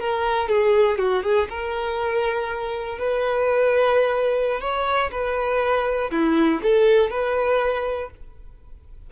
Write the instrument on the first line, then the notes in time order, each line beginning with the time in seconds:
violin
0.00 A#4
0.49 G#4
0.99 F#4
1.24 G#4
1.50 A#4
2.99 B4
4.61 C#5
5.12 B4
6.12 E4
6.63 A4
7.11 B4